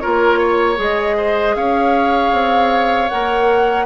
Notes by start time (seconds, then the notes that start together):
0.00 A#3 F4 A#4 C#5
0.39 C#5
0.76 G#3 G#4 D#5
1.17 C5
1.55 C#4 C#5 F5
2.33 C4
3.09 A#3 A#4 F#5